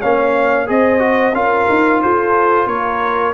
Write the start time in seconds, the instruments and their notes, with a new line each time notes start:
0.00 tuba A#3, trombone C#4, horn C#5, trumpet F5
0.67 tuba C4, trombone G#4, horn C5, trumpet D#5
0.99 trombone F#4
1.33 tuba C#4, trombone F4, horn A#4, trumpet F5
1.70 tuba D#4
2.02 tuba F4, horn A4, trumpet C5
2.67 tuba A#3, horn A#4, trumpet C#5